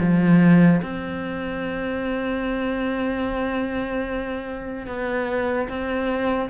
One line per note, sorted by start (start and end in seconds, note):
0.00 0.81 F3
0.82 4.87 C4
4.87 5.68 B3
5.69 6.50 C4